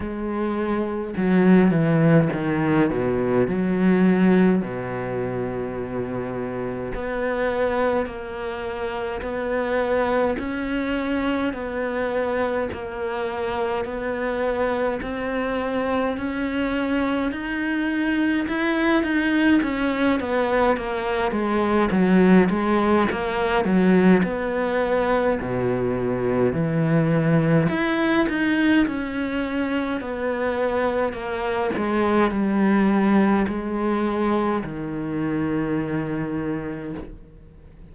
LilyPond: \new Staff \with { instrumentName = "cello" } { \time 4/4 \tempo 4 = 52 gis4 fis8 e8 dis8 b,8 fis4 | b,2 b4 ais4 | b4 cis'4 b4 ais4 | b4 c'4 cis'4 dis'4 |
e'8 dis'8 cis'8 b8 ais8 gis8 fis8 gis8 | ais8 fis8 b4 b,4 e4 | e'8 dis'8 cis'4 b4 ais8 gis8 | g4 gis4 dis2 | }